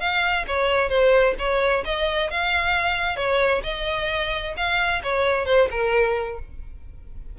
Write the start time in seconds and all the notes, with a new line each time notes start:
0.00 F5
0.48 C#5
0.89 C5
1.39 C#5
1.85 D#5
2.31 F5
3.17 C#5
3.64 D#5
4.57 F5
5.04 C#5
5.46 C5
5.71 A#4